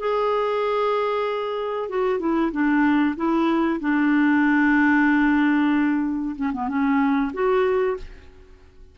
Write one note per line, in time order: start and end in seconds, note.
0.00 1.89 G#4
1.89 2.20 F#4
2.20 2.52 E4
2.52 3.16 D4
3.17 3.80 E4
3.81 6.36 D4
6.36 6.52 C#4
6.53 6.68 B3
6.68 7.32 C#4
7.34 7.98 F#4